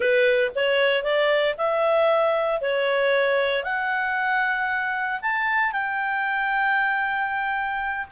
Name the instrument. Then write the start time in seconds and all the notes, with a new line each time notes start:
clarinet
0.00 B4
0.55 C#5
1.03 D5
1.57 E5
2.61 C#5
3.63 F#5
5.21 A5
5.72 G5